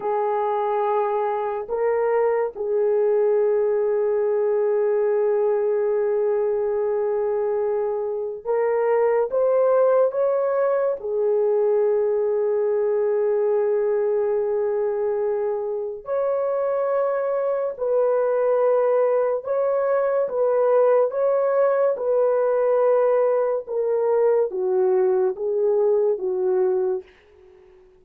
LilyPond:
\new Staff \with { instrumentName = "horn" } { \time 4/4 \tempo 4 = 71 gis'2 ais'4 gis'4~ | gis'1~ | gis'2 ais'4 c''4 | cis''4 gis'2.~ |
gis'2. cis''4~ | cis''4 b'2 cis''4 | b'4 cis''4 b'2 | ais'4 fis'4 gis'4 fis'4 | }